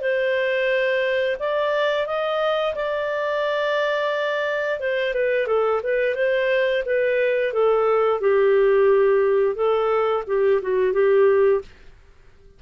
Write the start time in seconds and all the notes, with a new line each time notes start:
0.00 C5
1.39 D5
2.06 D#5
2.75 D5
4.79 C5
5.14 B4
5.47 A4
5.83 B4
6.15 C5
6.85 B4
7.52 A4
8.20 G4
9.55 A4
10.26 G4
10.62 F#4
10.93 G4